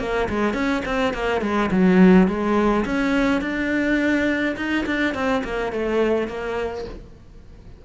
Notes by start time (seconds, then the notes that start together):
0.00 A#3
0.29 G#3
0.54 C#4
0.85 C4
1.14 A#3
1.42 G#3
1.72 F#3
2.28 G#3
2.85 C#4
3.42 D4
4.57 D#4
4.86 D4
5.15 C4
5.44 A#3
5.72 A3
6.28 A#3